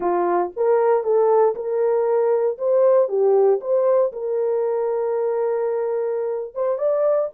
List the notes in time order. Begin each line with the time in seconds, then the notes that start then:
0.00 F4
0.56 A#4
1.03 A4
1.55 A#4
2.58 C5
3.08 G4
3.60 C5
4.12 A#4
6.54 C5
6.78 D5